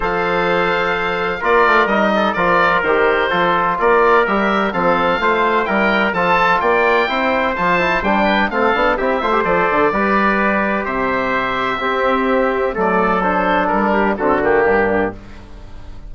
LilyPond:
<<
  \new Staff \with { instrumentName = "oboe" } { \time 4/4 \tempo 4 = 127 f''2. d''4 | dis''4 d''4 c''2 | d''4 e''4 f''2 | g''4 a''4 g''2 |
a''4 g''4 f''4 e''4 | d''2. e''4~ | e''2. d''4 | c''4 ais'4 a'8 g'4. | }
  \new Staff \with { instrumentName = "trumpet" } { \time 4/4 c''2. ais'4~ | ais'8 a'8 ais'2 a'4 | ais'2 a'4 c''4 | ais'4 a'4 d''4 c''4~ |
c''4. b'8 a'4 g'8 c''8~ | c''4 b'2 c''4~ | c''4 g'2 a'4~ | a'4. g'8 fis'4 d'4 | }
  \new Staff \with { instrumentName = "trombone" } { \time 4/4 a'2. f'4 | dis'4 f'4 g'4 f'4~ | f'4 g'4 c'4 f'4 | e'4 f'2 e'4 |
f'8 e'8 d'4 c'8 d'8 e'8 f'16 g'16 | a'4 g'2.~ | g'4 c'2 a4 | d'2 c'8 ais4. | }
  \new Staff \with { instrumentName = "bassoon" } { \time 4/4 f2. ais8 a8 | g4 f4 dis4 f4 | ais4 g4 f4 a4 | g4 f4 ais4 c'4 |
f4 g4 a8 b8 c'8 a8 | f8 d8 g2 c4~ | c4 c'2 fis4~ | fis4 g4 d4 g,4 | }
>>